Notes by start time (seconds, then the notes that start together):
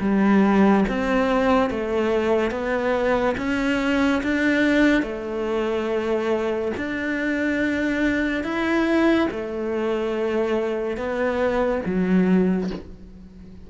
0.00 G3
0.89 C4
1.70 A3
2.51 B3
3.38 C#4
4.23 D4
5.03 A3
6.77 D4
8.44 E4
9.31 A3
10.97 B3
11.86 F#3